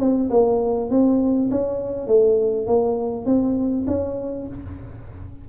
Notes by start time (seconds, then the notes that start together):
0.00 C4
0.30 A#3
0.90 C4
1.51 C#4
2.07 A3
2.67 A#3
3.26 C4
3.87 C#4